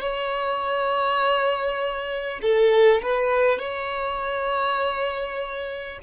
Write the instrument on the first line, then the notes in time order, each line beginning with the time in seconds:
violin
0.00 C#5
2.42 A4
3.02 B4
3.58 C#5